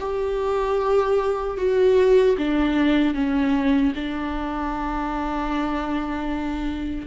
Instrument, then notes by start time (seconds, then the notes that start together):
viola
0.00 G4
1.58 F#4
2.38 D4
3.14 C#4
3.95 D4